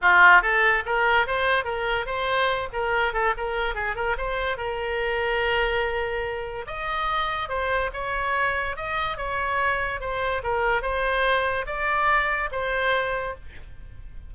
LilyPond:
\new Staff \with { instrumentName = "oboe" } { \time 4/4 \tempo 4 = 144 f'4 a'4 ais'4 c''4 | ais'4 c''4. ais'4 a'8 | ais'4 gis'8 ais'8 c''4 ais'4~ | ais'1 |
dis''2 c''4 cis''4~ | cis''4 dis''4 cis''2 | c''4 ais'4 c''2 | d''2 c''2 | }